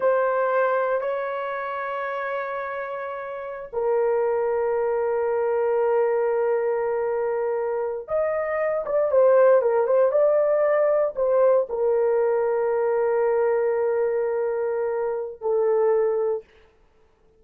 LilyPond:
\new Staff \with { instrumentName = "horn" } { \time 4/4 \tempo 4 = 117 c''2 cis''2~ | cis''2.~ cis''16 ais'8.~ | ais'1~ | ais'2.~ ais'8. dis''16~ |
dis''4~ dis''16 d''8 c''4 ais'8 c''8 d''16~ | d''4.~ d''16 c''4 ais'4~ ais'16~ | ais'1~ | ais'2 a'2 | }